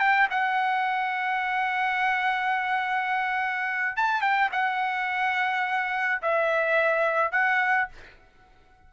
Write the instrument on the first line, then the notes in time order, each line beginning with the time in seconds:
trumpet
0.00 G5
0.31 F#5
3.97 A5
4.22 G5
4.52 F#5
6.23 E5
7.32 F#5